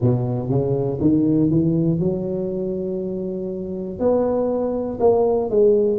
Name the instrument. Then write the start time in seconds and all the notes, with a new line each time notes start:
tuba
0.00 B2
0.49 C#3
1.00 D#3
1.50 E3
1.99 F#3
3.99 B3
5.00 A#3
5.50 G#3